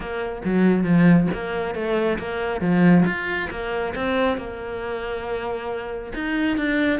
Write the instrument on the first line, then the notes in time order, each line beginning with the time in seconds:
cello
0.00 A#3
0.44 F#3
0.83 F3
1.34 A#3
1.74 A3
2.18 A#3
2.60 F3
3.05 F4
3.50 A#3
3.95 C4
4.37 A#3
6.14 D#4
6.57 D4